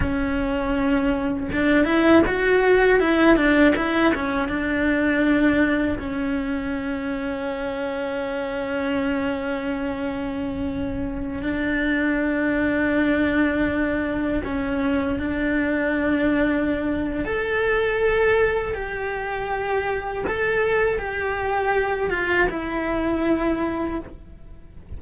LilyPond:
\new Staff \with { instrumentName = "cello" } { \time 4/4 \tempo 4 = 80 cis'2 d'8 e'8 fis'4 | e'8 d'8 e'8 cis'8 d'2 | cis'1~ | cis'2.~ cis'16 d'8.~ |
d'2.~ d'16 cis'8.~ | cis'16 d'2~ d'8. a'4~ | a'4 g'2 a'4 | g'4. f'8 e'2 | }